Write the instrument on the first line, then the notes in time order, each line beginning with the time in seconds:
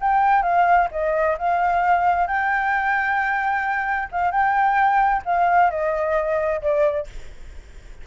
flute
0.00 G5
0.42 F5
0.91 D#5
1.38 F5
2.27 G5
4.12 F5
4.31 G5
5.25 F5
5.70 D#5
6.61 D5